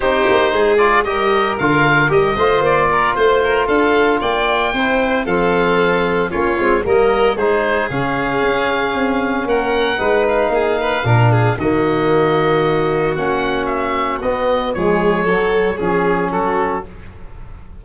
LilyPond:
<<
  \new Staff \with { instrumentName = "oboe" } { \time 4/4 \tempo 4 = 114 c''4. d''8 dis''4 f''4 | dis''4 d''4 c''4 f''4 | g''2 f''2 | cis''4 dis''4 c''4 f''4~ |
f''2 fis''4. f''8~ | f''2 dis''2~ | dis''4 fis''4 e''4 dis''4 | cis''2 gis'4 a'4 | }
  \new Staff \with { instrumentName = "violin" } { \time 4/4 g'4 gis'4 ais'2~ | ais'8 c''4 ais'8 c''8 ais'8 a'4 | d''4 c''4 a'2 | f'4 ais'4 gis'2~ |
gis'2 ais'4 b'4 | gis'8 b'8 ais'8 gis'8 fis'2~ | fis'1 | gis'4 a'4 gis'4 fis'4 | }
  \new Staff \with { instrumentName = "trombone" } { \time 4/4 dis'4. f'8 g'4 f'4 | g'8 f'2.~ f'8~ | f'4 e'4 c'2 | cis'8 c'8 ais4 dis'4 cis'4~ |
cis'2. dis'4~ | dis'4 d'4 ais2~ | ais4 cis'2 b4 | gis4 fis4 cis'2 | }
  \new Staff \with { instrumentName = "tuba" } { \time 4/4 c'8 ais8 gis4 g4 d4 | g8 a8 ais4 a4 d'4 | ais4 c'4 f2 | ais8 gis8 g4 gis4 cis4 |
cis'4 c'4 ais4 gis4 | ais4 ais,4 dis2~ | dis4 ais2 b4 | f4 fis4 f4 fis4 | }
>>